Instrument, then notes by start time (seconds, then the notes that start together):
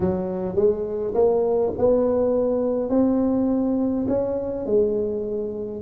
tuba
0.00 F#3
0.55 G#3
1.14 A#3
1.78 B3
2.89 C4
4.08 C#4
4.66 G#3